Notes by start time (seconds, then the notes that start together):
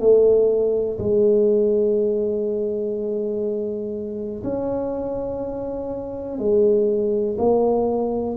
0.00 A3
0.99 G#3
4.44 C#4
6.39 G#3
7.38 A#3